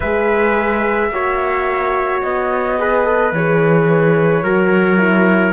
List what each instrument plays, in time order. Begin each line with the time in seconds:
0.00 cello G#3, horn G#4, trumpet B4, flute E5
1.10 cello A#3, horn F#4, trumpet C#5
2.22 cello B3, flute D#5
2.78 horn G#4, trumpet B4
3.04 horn A4
3.31 cello E3, horn G#4, flute C#5
4.42 cello F#3, horn F#4, trumpet A#4
4.97 horn E4